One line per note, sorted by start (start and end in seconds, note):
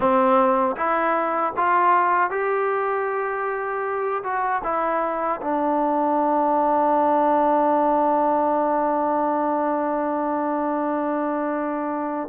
0.00 0.76 C4
0.76 1.53 E4
1.56 2.30 F4
2.30 4.22 G4
4.23 4.62 F#4
4.63 5.40 E4
5.41 12.29 D4